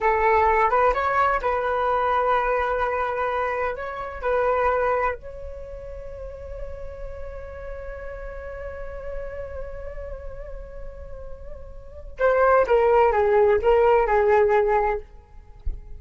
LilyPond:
\new Staff \with { instrumentName = "flute" } { \time 4/4 \tempo 4 = 128 a'4. b'8 cis''4 b'4~ | b'1 | cis''4 b'2 cis''4~ | cis''1~ |
cis''1~ | cis''1~ | cis''2 c''4 ais'4 | gis'4 ais'4 gis'2 | }